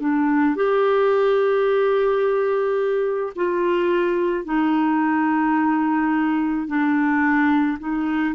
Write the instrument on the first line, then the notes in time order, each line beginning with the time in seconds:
clarinet
0.00 D4
0.56 G4
3.35 F4
4.45 D#4
6.67 D4
7.79 D#4